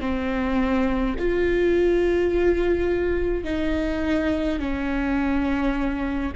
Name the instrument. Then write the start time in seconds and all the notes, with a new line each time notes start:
viola
0.00 C4
1.19 F4
3.44 D#4
4.59 C#4